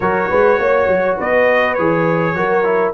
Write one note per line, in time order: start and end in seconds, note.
0.00 0.30 F#3
0.00 1.78 F#4
0.00 0.29 A#4
0.00 1.18 C#5
0.29 0.59 G#3
0.29 0.58 B4
0.59 0.87 A#3
0.59 1.17 C#5
0.87 1.16 F#3
1.17 1.78 B3
1.17 2.35 B4
1.17 1.74 D#5
1.74 2.35 E3
1.74 2.35 G#4
1.74 2.91 C#5
2.35 2.93 F#3
2.35 2.64 F#4
2.35 2.93 A#4
2.64 2.93 E4